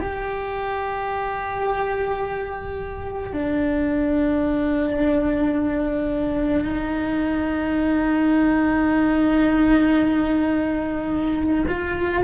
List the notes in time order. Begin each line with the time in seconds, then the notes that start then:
0.00 G4
3.33 D4
6.65 D#4
11.68 F4